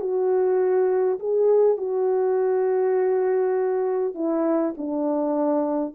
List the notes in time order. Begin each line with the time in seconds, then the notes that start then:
0.00 F#4
1.19 G#4
1.77 F#4
4.14 E4
4.77 D4